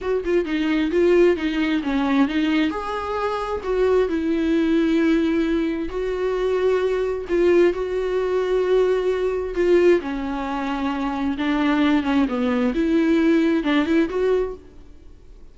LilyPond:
\new Staff \with { instrumentName = "viola" } { \time 4/4 \tempo 4 = 132 fis'8 f'8 dis'4 f'4 dis'4 | cis'4 dis'4 gis'2 | fis'4 e'2.~ | e'4 fis'2. |
f'4 fis'2.~ | fis'4 f'4 cis'2~ | cis'4 d'4. cis'8 b4 | e'2 d'8 e'8 fis'4 | }